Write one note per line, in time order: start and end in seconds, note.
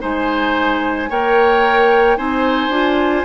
0.00 1.10 G#3
0.00 1.09 D#4
0.00 1.10 C5
0.00 1.11 G#5
1.10 2.18 A#3
1.10 2.18 A#4
1.10 2.18 C#5
1.10 2.17 G5
2.17 2.69 C4
2.17 2.71 D#4
2.17 3.25 C5
2.17 3.25 G#5
2.69 3.24 D4
2.69 3.25 F4